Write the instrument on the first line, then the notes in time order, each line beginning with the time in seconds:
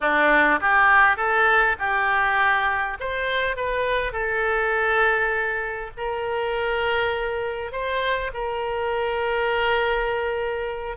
oboe
0.00 D4
0.60 G4
1.17 A4
1.78 G4
2.99 C5
3.56 B4
4.12 A4
5.97 A#4
7.71 C5
8.33 A#4